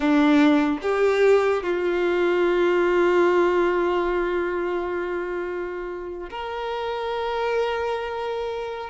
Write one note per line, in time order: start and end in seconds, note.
0.00 0.78 D4
0.82 1.63 G4
1.63 6.29 F4
6.29 8.89 A#4